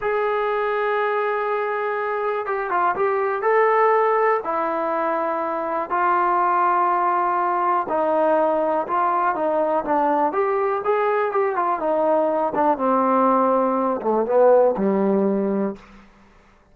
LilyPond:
\new Staff \with { instrumentName = "trombone" } { \time 4/4 \tempo 4 = 122 gis'1~ | gis'4 g'8 f'8 g'4 a'4~ | a'4 e'2. | f'1 |
dis'2 f'4 dis'4 | d'4 g'4 gis'4 g'8 f'8 | dis'4. d'8 c'2~ | c'8 a8 b4 g2 | }